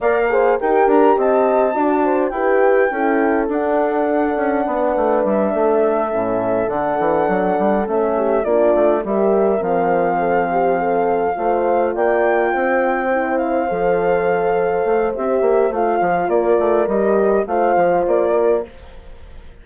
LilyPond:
<<
  \new Staff \with { instrumentName = "flute" } { \time 4/4 \tempo 4 = 103 f''4 g''8 ais''8 a''2 | g''2 fis''2~ | fis''4 e''2~ e''8 fis''8~ | fis''4. e''4 d''4 e''8~ |
e''8 f''2.~ f''8~ | f''8 g''2~ g''8 f''4~ | f''2 e''4 f''4 | d''4 dis''4 f''4 d''4 | }
  \new Staff \with { instrumentName = "horn" } { \time 4/4 d''8 c''8 ais'4 dis''4 d''8 c''8 | b'4 a'2. | b'4. a'2~ a'8~ | a'2 g'8 f'4 ais'8~ |
ais'4. a'8 g'8 a'4 c''8~ | c''8 d''4 c''2~ c''8~ | c''1 | ais'2 c''4. ais'8 | }
  \new Staff \with { instrumentName = "horn" } { \time 4/4 ais'8 gis'8 g'2 fis'4 | g'4 e'4 d'2~ | d'2~ d'8 cis'4 d'8~ | d'4. cis'4 d'4 g'8~ |
g'8 c'2. f'8~ | f'2~ f'8 e'4 a'8~ | a'2 g'4 f'4~ | f'4 g'4 f'2 | }
  \new Staff \with { instrumentName = "bassoon" } { \time 4/4 ais4 dis'8 d'8 c'4 d'4 | e'4 cis'4 d'4. cis'8 | b8 a8 g8 a4 a,4 d8 | e8 fis8 g8 a4 ais8 a8 g8~ |
g8 f2. a8~ | a8 ais4 c'2 f8~ | f4. a8 c'8 ais8 a8 f8 | ais8 a8 g4 a8 f8 ais4 | }
>>